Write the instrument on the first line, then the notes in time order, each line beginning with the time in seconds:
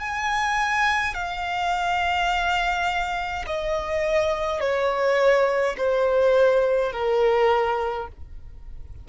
violin
0.00 G#5
1.14 F5
3.47 D#5
4.60 C#5
5.77 C5
6.92 A#4